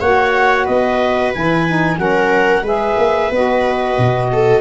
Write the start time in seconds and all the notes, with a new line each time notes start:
0.00 A#3 F#4 C#5 F#5
0.64 B3 B4 D#5
1.34 E3 E4 G#5
1.67 D#4
1.96 F#3 C#4 A#4 F#5
2.62 G#3 G#4 B4 E5
2.97 A#3
3.31 B3 F#4 D#5
3.98 B2
4.32 A4